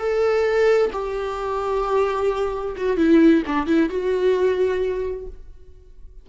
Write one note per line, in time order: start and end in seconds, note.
0.00 0.92 A4
0.93 2.76 G4
2.77 2.98 F#4
2.98 3.44 E4
3.47 3.67 D4
3.67 3.90 E4
3.90 5.27 F#4